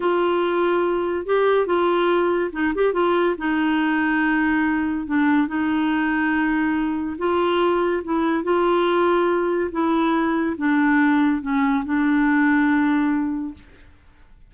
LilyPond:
\new Staff \with { instrumentName = "clarinet" } { \time 4/4 \tempo 4 = 142 f'2. g'4 | f'2 dis'8 g'8 f'4 | dis'1 | d'4 dis'2.~ |
dis'4 f'2 e'4 | f'2. e'4~ | e'4 d'2 cis'4 | d'1 | }